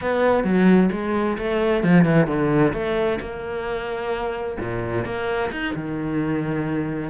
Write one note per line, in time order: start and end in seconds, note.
0.01 0.44 B3
0.44 0.89 F#3
0.91 1.37 G#3
1.38 1.83 A3
1.83 2.04 F3
2.04 2.27 E3
2.27 2.72 D3
2.73 3.19 A3
3.20 4.57 A#3
4.60 5.05 A#2
5.05 5.51 A#3
5.51 5.74 D#4
5.75 7.10 D#3